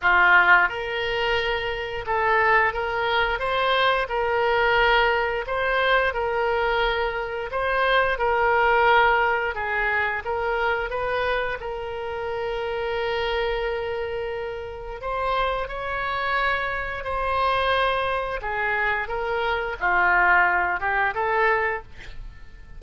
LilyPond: \new Staff \with { instrumentName = "oboe" } { \time 4/4 \tempo 4 = 88 f'4 ais'2 a'4 | ais'4 c''4 ais'2 | c''4 ais'2 c''4 | ais'2 gis'4 ais'4 |
b'4 ais'2.~ | ais'2 c''4 cis''4~ | cis''4 c''2 gis'4 | ais'4 f'4. g'8 a'4 | }